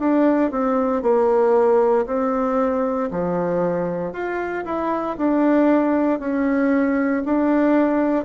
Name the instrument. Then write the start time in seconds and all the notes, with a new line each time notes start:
bassoon
0.00 D4
0.52 C4
1.03 A#3
2.07 C4
3.12 F3
4.13 F4
4.66 E4
5.18 D4
6.20 C#4
7.26 D4